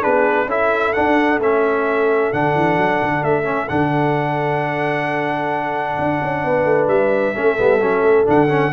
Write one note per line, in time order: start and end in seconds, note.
0.00 0.46 B3
0.00 0.46 D4
0.00 0.47 G#4
0.00 0.49 B4
0.46 0.91 C#4
0.46 0.95 E4
0.46 6.43 A4
0.46 0.93 E5
0.93 1.40 D4
0.93 1.38 D4
0.93 1.39 F#5
1.38 2.30 A3
1.38 2.33 C#4
1.38 2.33 E5
2.33 2.55 D3
2.33 3.44 D4
2.33 3.23 F#5
2.55 2.77 E3
2.77 3.00 F#3
3.02 3.22 D3
3.22 3.68 A3
3.22 3.68 E5
3.44 3.66 C#4
3.68 5.98 D3
3.68 7.35 D4
3.68 6.88 F#5
5.98 6.21 D4
6.22 6.44 C#4
6.44 6.64 B3
6.44 7.36 B4
6.64 6.87 A3
6.87 7.33 G3
6.87 8.25 E5
7.35 7.58 A3
7.35 7.57 C#4
7.35 8.72 A4
7.57 7.81 G3
7.57 7.80 B3
7.81 8.02 F#3
7.81 8.25 C#4
8.02 8.25 A3
8.25 8.72 D3
8.25 8.48 D4
8.25 8.72 F#5
8.49 8.72 C#4